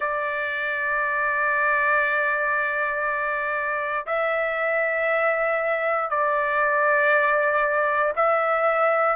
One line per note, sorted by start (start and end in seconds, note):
0.00 4.06 D5
4.06 6.10 E5
6.10 8.13 D5
8.16 9.16 E5